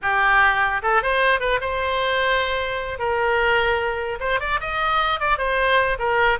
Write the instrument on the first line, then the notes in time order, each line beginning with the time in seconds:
oboe
0.01 G4
0.82 A4
1.02 C5
1.40 B4
1.60 C5
2.99 A#4
4.19 C5
4.40 D5
4.60 D#5
5.20 D5
5.38 C5
5.99 A#4